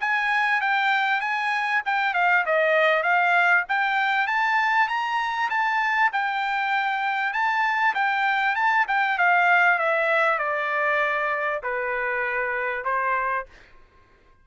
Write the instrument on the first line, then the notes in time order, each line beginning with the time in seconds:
trumpet
0.00 G#5
0.61 G5
1.21 G#5
1.85 G5
2.14 F5
2.46 D#5
3.03 F5
3.69 G5
4.27 A5
4.88 A#5
5.50 A5
6.13 G5
7.33 A5
7.95 G5
8.55 A5
8.88 G5
9.18 F5
9.79 E5
10.39 D5
11.63 B4
12.85 C5